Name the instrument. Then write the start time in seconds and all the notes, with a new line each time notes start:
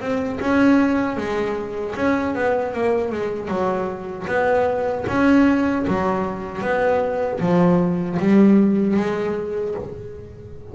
double bass
0.00 C4
0.40 C#4
1.17 G#3
1.96 C#4
2.34 B3
2.73 A#3
3.12 G#3
3.48 F#3
4.27 B3
5.08 C#4
5.87 F#3
6.61 B3
7.40 F3
8.19 G3
8.97 G#3